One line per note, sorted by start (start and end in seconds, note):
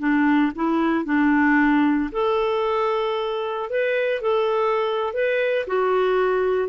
0.00 0.53 D4
0.56 1.05 E4
1.05 2.11 D4
2.12 3.70 A4
3.70 4.22 B4
4.22 5.14 A4
5.14 5.66 B4
5.67 6.70 F#4